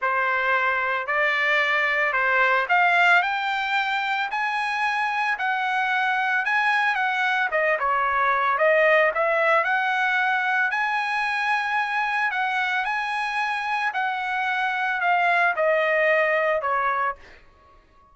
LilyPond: \new Staff \with { instrumentName = "trumpet" } { \time 4/4 \tempo 4 = 112 c''2 d''2 | c''4 f''4 g''2 | gis''2 fis''2 | gis''4 fis''4 dis''8 cis''4. |
dis''4 e''4 fis''2 | gis''2. fis''4 | gis''2 fis''2 | f''4 dis''2 cis''4 | }